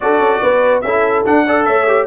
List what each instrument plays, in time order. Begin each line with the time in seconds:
0.00 tuba D4, trombone F#4, horn A4, trumpet D5
0.19 tuba C#4
0.41 tuba B3, horn B4
0.81 tuba C#4, trombone E4, horn A4, trumpet E5
1.25 trombone D4, tuba D4, trumpet F#5
1.44 trombone A4, horn D5
1.65 tuba A3, horn C#5, trumpet E5
1.87 trombone G4